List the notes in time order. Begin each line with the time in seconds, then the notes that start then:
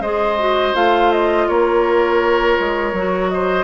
0.00 G#3 G#4 C5 D#5
0.39 F#4
0.74 A3 F4 F5
1.12 D#5
1.48 A#3 A#4 C#5
2.59 G#3
2.93 F#3 F#4
3.29 C5 D#5